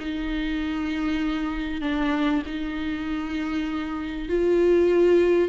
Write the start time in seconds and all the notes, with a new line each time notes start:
0.00 D#4
1.82 D4
2.46 D#4
4.29 F4